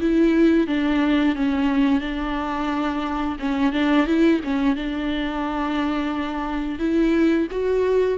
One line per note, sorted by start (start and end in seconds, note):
0.00 0.67 E4
0.67 1.35 D4
1.35 2.01 C#4
2.01 3.37 D4
3.39 3.73 C#4
3.73 4.06 D4
4.06 4.40 E4
4.44 4.76 C#4
4.76 6.79 D4
6.79 7.47 E4
7.51 8.18 F#4